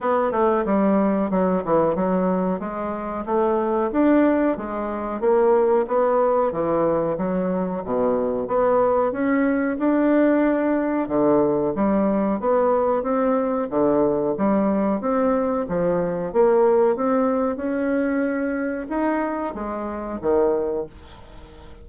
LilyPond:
\new Staff \with { instrumentName = "bassoon" } { \time 4/4 \tempo 4 = 92 b8 a8 g4 fis8 e8 fis4 | gis4 a4 d'4 gis4 | ais4 b4 e4 fis4 | b,4 b4 cis'4 d'4~ |
d'4 d4 g4 b4 | c'4 d4 g4 c'4 | f4 ais4 c'4 cis'4~ | cis'4 dis'4 gis4 dis4 | }